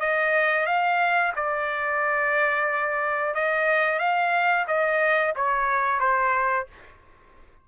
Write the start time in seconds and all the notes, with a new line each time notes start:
0.00 D#5
0.66 F5
1.36 D5
3.35 D#5
3.99 F5
4.68 D#5
5.36 C#5
6.00 C5